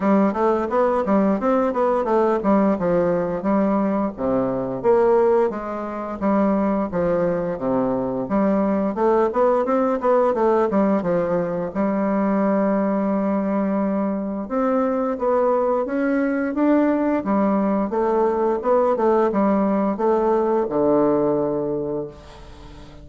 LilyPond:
\new Staff \with { instrumentName = "bassoon" } { \time 4/4 \tempo 4 = 87 g8 a8 b8 g8 c'8 b8 a8 g8 | f4 g4 c4 ais4 | gis4 g4 f4 c4 | g4 a8 b8 c'8 b8 a8 g8 |
f4 g2.~ | g4 c'4 b4 cis'4 | d'4 g4 a4 b8 a8 | g4 a4 d2 | }